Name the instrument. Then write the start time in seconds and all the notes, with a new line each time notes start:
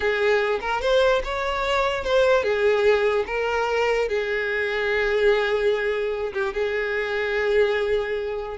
violin
0.00 G#4
0.60 A#4
0.81 C5
1.24 C#5
2.04 C5
2.43 G#4
3.26 A#4
4.08 G#4
6.33 G4
6.53 G#4